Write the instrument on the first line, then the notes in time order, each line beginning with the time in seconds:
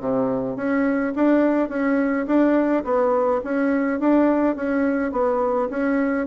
bassoon
0.00 C3
0.56 C#4
1.15 D4
1.69 C#4
2.26 D4
2.84 B3
3.44 C#4
4.00 D4
4.55 C#4
5.12 B3
5.70 C#4